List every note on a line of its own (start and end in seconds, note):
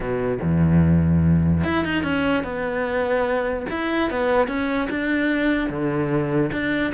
0.00 0.38 B2
0.42 1.64 E2
1.64 1.84 E4
1.84 2.03 D#4
2.03 2.43 C#4
2.43 3.66 B3
3.70 4.10 E4
4.10 4.47 B3
4.47 4.88 C#4
4.90 5.69 D4
5.69 6.51 D3
6.52 6.93 D4